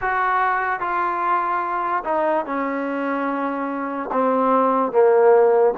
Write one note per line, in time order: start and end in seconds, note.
0.01 0.80 F#4
0.80 2.03 F4
2.04 2.45 D#4
2.45 4.09 C#4
4.11 4.91 C4
4.91 5.73 A#3